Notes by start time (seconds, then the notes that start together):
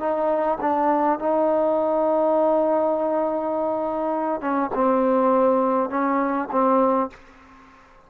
0.00 D#4
0.61 D4
1.20 D#4
4.41 C#4
4.75 C4
5.90 C#4
6.52 C4